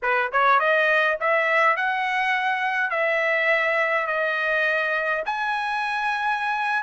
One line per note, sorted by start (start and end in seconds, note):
0.02 0.31 B4
0.32 0.59 C#5
0.59 1.17 D#5
1.20 1.76 E5
1.76 2.90 F#5
2.90 4.06 E5
4.06 5.23 D#5
5.25 6.82 G#5